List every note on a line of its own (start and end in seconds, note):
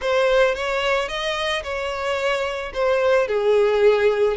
0.01 0.54 C5
0.54 1.08 C#5
1.08 1.62 D#5
1.63 2.72 C#5
2.73 3.27 C5
3.27 4.36 G#4